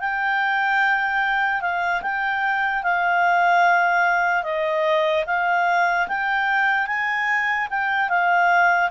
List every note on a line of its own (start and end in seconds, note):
0.00 1.61 G5
1.61 2.02 F5
2.02 2.83 G5
2.83 4.43 F5
4.43 5.24 D#5
5.27 6.08 F5
6.08 6.87 G5
6.87 7.68 G#5
7.70 8.09 G5
8.09 8.90 F5